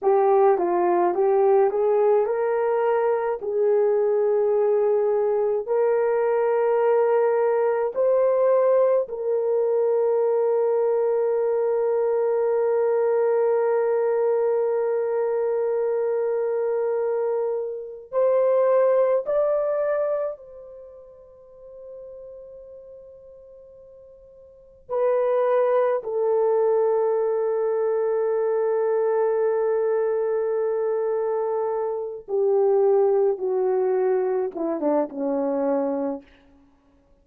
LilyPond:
\new Staff \with { instrumentName = "horn" } { \time 4/4 \tempo 4 = 53 g'8 f'8 g'8 gis'8 ais'4 gis'4~ | gis'4 ais'2 c''4 | ais'1~ | ais'1 |
c''4 d''4 c''2~ | c''2 b'4 a'4~ | a'1~ | a'8 g'4 fis'4 e'16 d'16 cis'4 | }